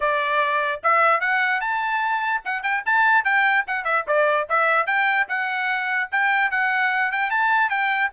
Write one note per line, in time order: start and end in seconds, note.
0.00 0.81 D5
0.83 1.20 E5
1.20 1.60 F#5
1.60 2.41 A5
2.45 2.63 F#5
2.63 2.83 G5
2.85 3.24 A5
3.24 3.64 G5
3.67 3.84 F#5
3.84 4.04 E5
4.07 4.47 D5
4.49 4.86 E5
4.86 5.26 G5
5.28 6.09 F#5
6.11 6.50 G5
6.50 7.11 F#5
7.11 7.30 G5
7.30 7.69 A5
7.69 8.10 G5